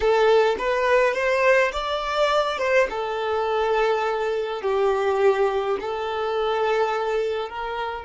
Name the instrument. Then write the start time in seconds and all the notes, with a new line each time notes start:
violin
0.00 A4
0.58 B4
1.14 C5
1.72 D5
2.58 C5
2.90 A4
4.62 G4
5.80 A4
7.49 A#4